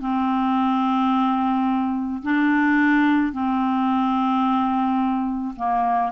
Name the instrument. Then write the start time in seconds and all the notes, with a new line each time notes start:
clarinet
0.00 C4
2.23 D4
3.32 C4
5.56 A#3